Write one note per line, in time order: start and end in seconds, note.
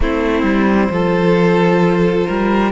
0.00 0.42 A3
0.00 0.92 C4
0.00 0.92 E4
0.00 2.71 C5
0.42 0.88 G3
0.89 2.25 F3
0.89 2.71 F4
0.89 2.27 A4
2.27 2.71 G3
2.27 2.71 A#4